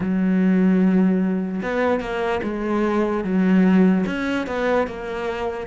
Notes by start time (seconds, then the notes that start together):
0.00 F#3
1.62 B3
2.00 A#3
2.43 G#3
3.24 F#3
4.06 C#4
4.46 B3
4.87 A#3